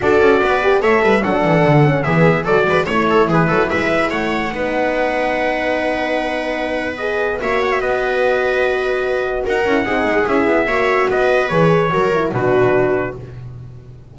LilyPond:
<<
  \new Staff \with { instrumentName = "trumpet" } { \time 4/4 \tempo 4 = 146 d''2 e''4 fis''4~ | fis''4 e''4 d''4 cis''4 | b'4 e''4 fis''2~ | fis''1~ |
fis''4 dis''4 e''8 fis''16 e''16 dis''4~ | dis''2. fis''4~ | fis''4 e''2 dis''4 | cis''2 b'2 | }
  \new Staff \with { instrumentName = "viola" } { \time 4/4 a'4 b'4 cis''8 b'8 a'4~ | a'4 gis'4 a'8 b'8 cis''8 a'8 | gis'8 a'8 b'4 cis''4 b'4~ | b'1~ |
b'2 cis''4 b'4~ | b'2. ais'4 | gis'2 cis''4 b'4~ | b'4 ais'4 fis'2 | }
  \new Staff \with { instrumentName = "horn" } { \time 4/4 fis'4. g'8 a'4 d'4~ | d'8 cis'8 b4 fis'4 e'4~ | e'2. dis'4~ | dis'1~ |
dis'4 gis'4 fis'2~ | fis'2.~ fis'8 e'8 | dis'4 e'4 fis'2 | gis'4 fis'8 e'8 d'2 | }
  \new Staff \with { instrumentName = "double bass" } { \time 4/4 d'8 cis'8 b4 a8 g8 fis8 e8 | d4 e4 fis8 gis8 a4 | e8 fis8 gis4 a4 b4~ | b1~ |
b2 ais4 b4~ | b2. dis'8 cis'8 | c'8 gis8 cis'8 b8 ais4 b4 | e4 fis4 b,2 | }
>>